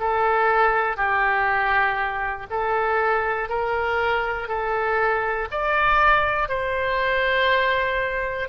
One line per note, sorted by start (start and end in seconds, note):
0.00 0.97 A4
0.97 2.47 G4
2.50 3.50 A4
3.50 4.48 A#4
4.48 5.48 A4
5.51 6.49 D5
6.49 8.49 C5